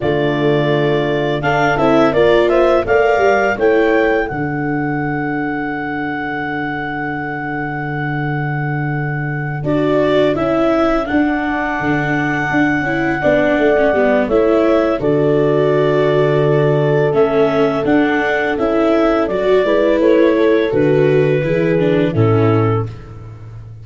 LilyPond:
<<
  \new Staff \with { instrumentName = "clarinet" } { \time 4/4 \tempo 4 = 84 d''2 f''8 e''8 d''8 e''8 | f''4 g''4 fis''2~ | fis''1~ | fis''4. d''4 e''4 fis''8~ |
fis''1 | e''4 d''2. | e''4 fis''4 e''4 d''4 | cis''4 b'2 a'4 | }
  \new Staff \with { instrumentName = "horn" } { \time 4/4 f'2 a'4 ais'8 c''8 | d''4 cis''4 a'2~ | a'1~ | a'1~ |
a'2~ a'8 d''4. | cis''4 a'2.~ | a'2.~ a'8 b'8~ | b'8 a'4. gis'4 e'4 | }
  \new Staff \with { instrumentName = "viola" } { \time 4/4 a2 d'8 e'8 f'4 | ais'4 e'4 d'2~ | d'1~ | d'4. fis'4 e'4 d'8~ |
d'2 e'8 d'8. cis'16 b8 | e'4 fis'2. | cis'4 d'4 e'4 fis'8 e'8~ | e'4 fis'4 e'8 d'8 cis'4 | }
  \new Staff \with { instrumentName = "tuba" } { \time 4/4 d2 d'8 c'8 ais4 | a8 g8 a4 d2~ | d1~ | d4. d'4 cis'4 d'8~ |
d'8 d4 d'8 cis'8 b8 a8 g8 | a4 d2. | a4 d'4 cis'4 fis8 gis8 | a4 d4 e4 a,4 | }
>>